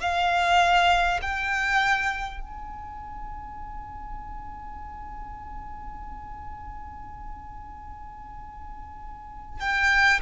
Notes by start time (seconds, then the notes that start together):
0.00 F5
1.22 G5
2.41 G#5
9.59 G5